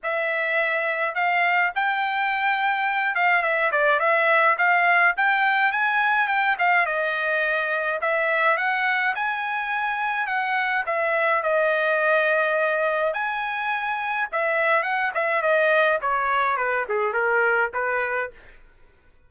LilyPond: \new Staff \with { instrumentName = "trumpet" } { \time 4/4 \tempo 4 = 105 e''2 f''4 g''4~ | g''4. f''8 e''8 d''8 e''4 | f''4 g''4 gis''4 g''8 f''8 | dis''2 e''4 fis''4 |
gis''2 fis''4 e''4 | dis''2. gis''4~ | gis''4 e''4 fis''8 e''8 dis''4 | cis''4 b'8 gis'8 ais'4 b'4 | }